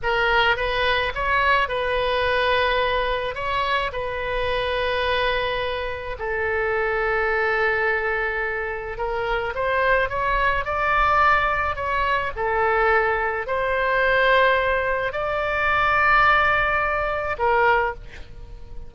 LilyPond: \new Staff \with { instrumentName = "oboe" } { \time 4/4 \tempo 4 = 107 ais'4 b'4 cis''4 b'4~ | b'2 cis''4 b'4~ | b'2. a'4~ | a'1 |
ais'4 c''4 cis''4 d''4~ | d''4 cis''4 a'2 | c''2. d''4~ | d''2. ais'4 | }